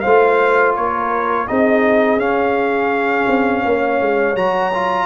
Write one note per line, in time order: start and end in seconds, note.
0.00 0.76 A3
0.00 1.47 F4
0.00 0.74 C5
0.00 0.72 F5
0.75 1.49 A#3
0.75 1.47 A#4
0.75 1.47 C#5
1.47 2.17 C4
1.47 2.19 D#4
1.47 3.66 G#4
1.47 2.19 D#5
2.17 3.25 C#4
2.17 4.35 C#4
2.17 4.36 F5
3.28 3.64 C4
3.65 4.00 A#3
3.65 5.06 C#5
4.00 4.34 G#3
4.34 5.06 F#3
4.34 4.72 F#4
4.34 5.06 A#5
4.73 5.06 F4